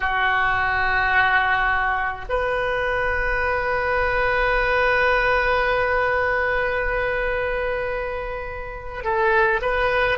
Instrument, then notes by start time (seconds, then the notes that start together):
oboe
0.00 F#4
2.29 B4
9.04 A4
9.61 B4